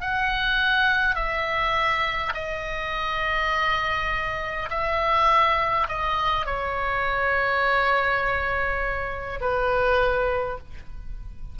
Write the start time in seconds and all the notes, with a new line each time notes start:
0.00 F#5
1.15 E5
2.34 D#5
4.70 E5
5.88 D#5
6.45 C#5
9.40 B4